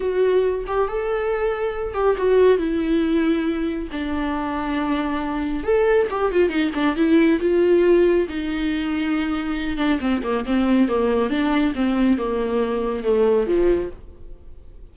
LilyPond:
\new Staff \with { instrumentName = "viola" } { \time 4/4 \tempo 4 = 138 fis'4. g'8 a'2~ | a'8 g'8 fis'4 e'2~ | e'4 d'2.~ | d'4 a'4 g'8 f'8 dis'8 d'8 |
e'4 f'2 dis'4~ | dis'2~ dis'8 d'8 c'8 ais8 | c'4 ais4 d'4 c'4 | ais2 a4 f4 | }